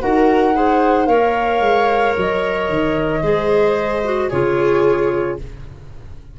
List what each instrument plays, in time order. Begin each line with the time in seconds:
0.00 tuba D#4, clarinet F#4, viola A#4, flute F#5
0.54 clarinet G#4, viola C5
1.06 tuba A#3, clarinet A#4, viola C#5, flute F5
1.60 tuba G#3
2.17 tuba F#3, flute D#5
2.69 tuba D#3
3.23 tuba G#3, clarinet G#4, viola C5
4.04 clarinet F#4
4.29 tuba C#3, clarinet F4, viola G#4, flute C#5